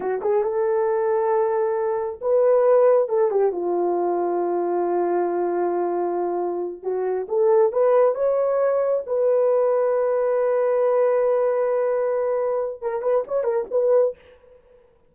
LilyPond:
\new Staff \with { instrumentName = "horn" } { \time 4/4 \tempo 4 = 136 fis'8 gis'8 a'2.~ | a'4 b'2 a'8 g'8 | f'1~ | f'2.~ f'8 fis'8~ |
fis'8 a'4 b'4 cis''4.~ | cis''8 b'2.~ b'8~ | b'1~ | b'4 ais'8 b'8 cis''8 ais'8 b'4 | }